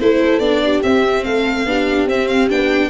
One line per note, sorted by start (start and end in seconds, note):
0.00 0.40 A3
0.00 0.41 E4
0.00 0.64 A4
0.00 0.40 C5
0.40 0.81 B3
0.40 0.83 D4
0.40 0.81 D5
0.64 1.26 G4
0.83 1.26 C4
0.83 1.67 C4
0.83 1.25 E5
1.25 1.66 A3
1.25 1.67 A4
1.25 2.08 F5
1.66 2.07 B3
1.66 2.08 D4
1.66 2.90 G4
2.07 2.49 C4
2.07 2.28 E5
2.28 2.49 F5
2.49 2.90 B3
2.49 2.90 D4
2.49 2.90 G5